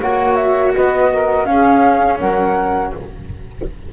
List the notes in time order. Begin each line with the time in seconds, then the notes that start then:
0.00 A#3 F#4 C#5 F#5
0.36 E5
0.75 B3 B4 D#5
1.12 A#4
1.45 C#4 G#4 F5
2.19 F#3 A#4 F#5